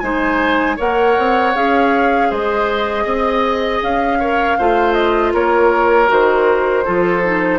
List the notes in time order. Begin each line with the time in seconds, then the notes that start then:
0.00 G#3 D#4 C5 G#5
0.76 A#3 A#4 C#5 F#5
1.18 C4
1.55 C#4 G#4 F5
2.30 G#3 C5 D#5
3.04 C4 D#5
3.82 C#4 F5
4.19 A#4 C#5
4.58 A3 F4 C5
4.94 D#5
5.33 A#3 A#4 C#5
6.07 D#3 F#4 C5
6.85 F3 F4 A4
7.24 D#4